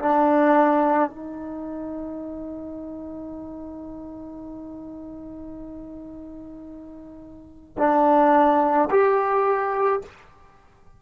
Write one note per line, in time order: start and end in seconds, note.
0.00 1.10 D4
1.10 7.77 D#4
7.78 8.89 D4
8.91 10.02 G4